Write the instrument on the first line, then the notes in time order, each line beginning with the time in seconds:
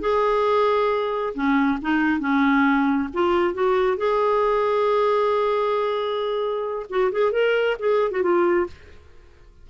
clarinet
0.00 G#4
1.34 C#4
1.82 D#4
2.20 C#4
3.14 F4
3.54 F#4
3.97 G#4
6.89 F#4
7.12 G#4
7.32 A#4
7.79 G#4
8.11 F#4
8.22 F4